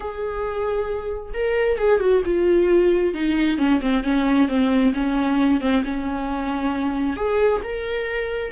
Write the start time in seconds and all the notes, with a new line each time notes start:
0.00 G#4
1.33 A#4
1.78 G#4
2.00 F#4
2.25 F4
3.13 D#4
3.58 C#4
3.81 C4
4.03 C#4
4.48 C4
4.94 C#4
5.60 C4
5.84 C#4
7.16 G#4
7.63 A#4